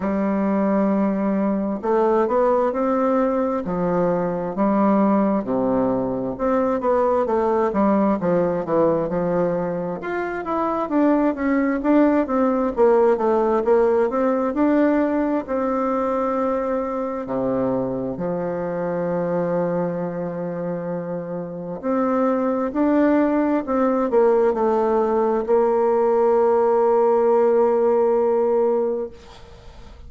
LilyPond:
\new Staff \with { instrumentName = "bassoon" } { \time 4/4 \tempo 4 = 66 g2 a8 b8 c'4 | f4 g4 c4 c'8 b8 | a8 g8 f8 e8 f4 f'8 e'8 | d'8 cis'8 d'8 c'8 ais8 a8 ais8 c'8 |
d'4 c'2 c4 | f1 | c'4 d'4 c'8 ais8 a4 | ais1 | }